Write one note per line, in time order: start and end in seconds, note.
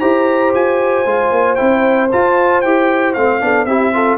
0.00 0.54 E4
0.00 1.06 G4
0.00 3.39 C5
0.00 0.53 A#5
0.55 1.06 F4
0.55 1.55 G#5
1.06 1.32 G#3
1.06 1.57 F4
1.32 1.58 A#3
1.55 2.13 C4
1.55 2.10 E4
1.55 2.08 G5
2.12 2.64 F4
2.12 2.65 F4
2.12 2.62 A5
2.62 3.16 E4
2.62 3.17 G4
2.62 3.14 G5
3.14 3.42 A3
3.14 3.41 C4
3.14 3.65 F5
3.41 3.66 B3
3.41 3.67 D4
3.41 3.68 A4
3.65 4.18 C4
3.65 3.94 E4
3.65 3.94 G4
3.65 4.18 E5
3.94 4.18 F4
3.94 4.18 A4